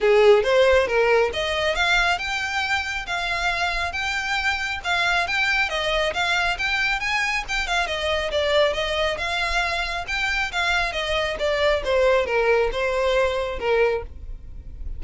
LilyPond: \new Staff \with { instrumentName = "violin" } { \time 4/4 \tempo 4 = 137 gis'4 c''4 ais'4 dis''4 | f''4 g''2 f''4~ | f''4 g''2 f''4 | g''4 dis''4 f''4 g''4 |
gis''4 g''8 f''8 dis''4 d''4 | dis''4 f''2 g''4 | f''4 dis''4 d''4 c''4 | ais'4 c''2 ais'4 | }